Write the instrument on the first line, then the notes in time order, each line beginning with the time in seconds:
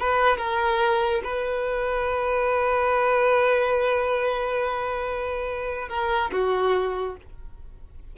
violin
0.00 B4
0.37 A#4
1.24 B4
5.89 A#4
6.31 F#4